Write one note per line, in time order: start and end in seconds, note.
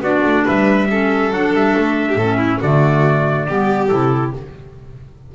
0.00 0.22 B3
0.00 0.89 D4
0.00 0.45 F#4
0.00 0.47 D5
0.24 0.46 A3
0.45 1.33 G3
0.45 0.88 B4
0.45 1.33 E5
0.89 1.32 C#4
0.89 2.09 A4
1.33 1.54 F#3
1.33 2.20 D4
1.33 1.55 F#5
1.54 1.75 G3
1.54 2.62 E5
1.77 2.15 A3
2.09 2.18 G4
2.15 2.58 A2
2.15 2.38 A4
2.22 2.63 C#4
2.38 2.59 E4
2.60 3.49 D3
2.60 3.49 A3
2.60 3.47 F#4
2.60 3.88 D5
3.48 3.91 G3
3.48 3.90 B3
3.48 4.35 G4
3.88 4.35 C3
3.88 4.33 E4
3.88 4.31 A4